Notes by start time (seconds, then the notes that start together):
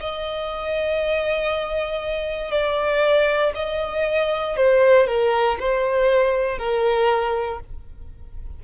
0.00 D#5
2.51 D5
3.55 D#5
4.56 C5
5.07 A#4
5.59 C5
6.58 A#4